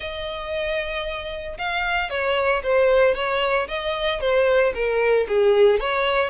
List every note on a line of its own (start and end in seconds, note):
0.00 1.57 D#5
1.57 2.09 F5
2.09 2.62 C#5
2.63 3.14 C5
3.14 3.67 C#5
3.68 4.20 D#5
4.20 4.73 C5
4.74 5.27 A#4
5.28 5.80 G#4
5.80 6.30 C#5